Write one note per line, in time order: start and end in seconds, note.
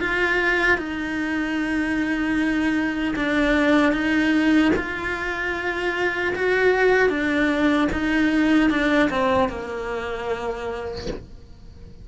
0.00 0.78 F4
0.78 3.15 D#4
3.16 3.93 D4
3.93 4.72 D#4
4.76 6.34 F4
6.36 7.09 F#4
7.09 7.88 D4
7.92 8.70 D#4
8.70 9.10 D4
9.10 9.50 C4
9.50 11.07 A#3